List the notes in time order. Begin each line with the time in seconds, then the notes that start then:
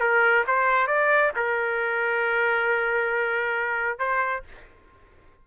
0.00 A#4
0.47 C5
0.87 D5
1.36 A#4
3.99 C5